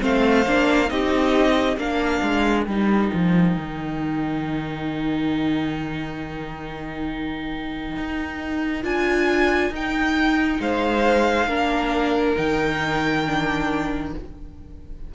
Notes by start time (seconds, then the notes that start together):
0.00 A3 C4 C5 F5
0.47 A#3 D4
0.88 C4 D#4 G4 D#5
1.77 A#3 D4 A#4 F5
2.23 G#3
2.64 G3 D#4 G5
3.13 F3
3.57 D#3
7.97 D#4
8.83 D4 F4 G#5
9.70 D#4 G5
10.60 G#3 C5 F5
11.48 A#3 D4 A#4
12.36 D#3 D#4 G5
13.27 D4